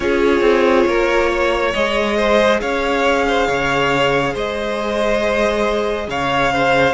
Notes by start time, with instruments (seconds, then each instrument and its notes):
0.00 cello C#4, viola F4, violin G#4 C#5
0.40 cello C4
0.86 cello A#3, violin A#4
1.29 violin C#5
1.73 cello G#3, viola G#4, violin D#5
2.16 violin C5
2.60 cello C#4, violin C#5 F5
3.27 violin C5
3.47 cello C#3, violin C#5
4.33 cello G#3, violin C5 D#5
6.08 cello C#3, violin C#5 F5
6.52 violin C5